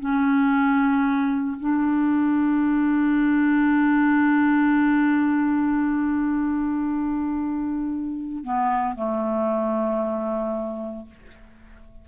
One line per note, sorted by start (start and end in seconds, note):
0.00 1.58 C#4
1.60 8.44 D4
8.44 8.96 B3
8.96 11.06 A3